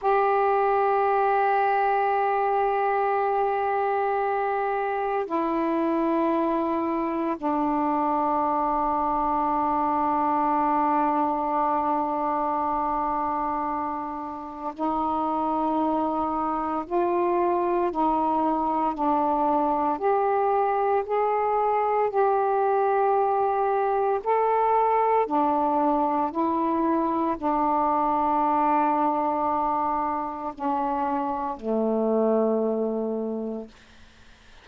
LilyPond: \new Staff \with { instrumentName = "saxophone" } { \time 4/4 \tempo 4 = 57 g'1~ | g'4 e'2 d'4~ | d'1~ | d'2 dis'2 |
f'4 dis'4 d'4 g'4 | gis'4 g'2 a'4 | d'4 e'4 d'2~ | d'4 cis'4 a2 | }